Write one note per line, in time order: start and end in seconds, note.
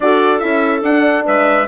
0.00 0.42 D4
0.00 0.40 F#4
0.00 1.25 A4
0.00 0.39 D5
0.39 0.82 C#4
0.39 0.82 E4
0.39 0.81 E5
0.82 1.24 D4
0.82 1.68 D4
0.82 1.26 F#5
1.25 1.68 G#3
1.25 1.67 B4
1.25 1.68 E5